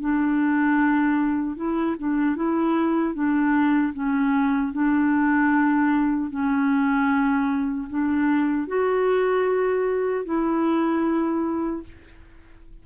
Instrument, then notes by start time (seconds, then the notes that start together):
clarinet
0.00 D4
1.56 E4
1.98 D4
2.36 E4
3.14 D4
3.93 C#4
4.73 D4
6.30 C#4
7.89 D4
8.67 F#4
10.25 E4